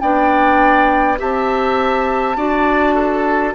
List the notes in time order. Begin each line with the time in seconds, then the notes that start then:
0.00 B3 D4 D5 G5
1.18 C4 G4 E5 A5
2.37 D4 F#4 D5
2.95 A4